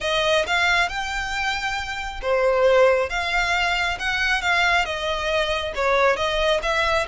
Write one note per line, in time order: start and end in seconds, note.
0.01 0.45 D#5
0.46 0.88 F5
0.88 2.21 G5
2.22 3.09 C5
3.09 3.97 F5
3.99 4.41 F#5
4.41 4.85 F5
4.85 5.73 D#5
5.75 6.16 C#5
6.16 6.60 D#5
6.62 7.06 E5